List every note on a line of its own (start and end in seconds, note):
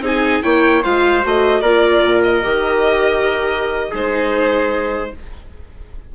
0.00 0.40 C4
0.00 0.43 D#4
0.00 0.43 G#4
0.00 0.43 G#5
0.43 0.85 A#3
0.43 0.83 E4
0.43 0.83 C#5
0.43 0.83 G5
0.83 1.24 G#3
0.83 1.22 F4
0.83 1.62 C5
0.83 1.24 F5
1.22 1.62 A3
1.22 1.62 F#4
1.22 1.61 D#5
1.61 2.02 A#3
1.61 2.42 F4
1.61 3.90 A#4
1.61 2.21 D5
2.04 2.44 A#2
2.23 3.93 D#5
2.42 3.93 D#3
2.42 3.92 G4
3.90 5.13 G#3
3.90 5.12 D#4
3.90 5.10 G#4
3.90 5.15 C5